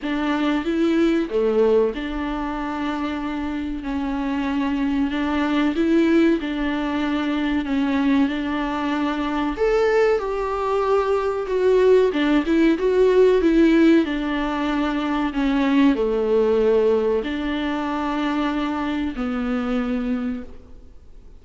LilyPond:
\new Staff \with { instrumentName = "viola" } { \time 4/4 \tempo 4 = 94 d'4 e'4 a4 d'4~ | d'2 cis'2 | d'4 e'4 d'2 | cis'4 d'2 a'4 |
g'2 fis'4 d'8 e'8 | fis'4 e'4 d'2 | cis'4 a2 d'4~ | d'2 b2 | }